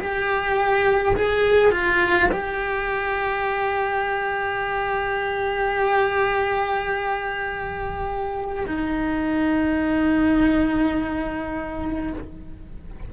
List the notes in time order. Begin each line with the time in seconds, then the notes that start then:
0.00 G4
1.16 G#4
1.72 F4
2.31 G4
8.66 D#4